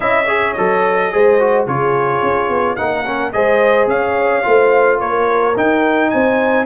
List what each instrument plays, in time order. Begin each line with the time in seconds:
0.00 tuba C#4, trombone E4, horn D#5, trumpet E5
0.26 trombone G#4, horn C#5
0.53 tuba F#3, trombone A4, trumpet D#5
1.11 tuba G#3, trombone G#4, horn C5
1.39 trombone F#4
1.66 tuba C#3, trombone F4, horn G#4, trumpet C#5
2.22 tuba C#4
2.49 tuba B3
2.76 tuba A#3, trombone D#4, horn A#4, trumpet F#5
3.06 trombone C#4
3.32 tuba G#3, trombone G#4, horn C5, trumpet D#5
3.86 tuba C#4, horn C#5, trumpet F5
4.43 tuba A3, trombone F4, horn C5
4.98 tuba A#3, horn A#4, trumpet C#5
5.56 tuba D#4, trombone D#4, trumpet G5
6.09 tuba C4, horn C5, trumpet G#5